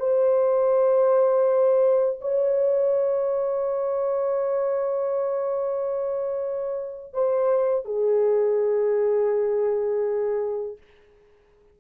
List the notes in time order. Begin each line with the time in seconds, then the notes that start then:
0.00 C5
2.22 C#5
7.14 C5
7.85 G#4